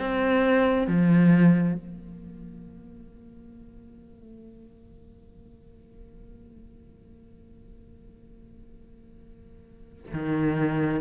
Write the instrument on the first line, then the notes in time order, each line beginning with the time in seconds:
cello
0.00 C4
0.88 F3
1.75 A#3
10.14 D#3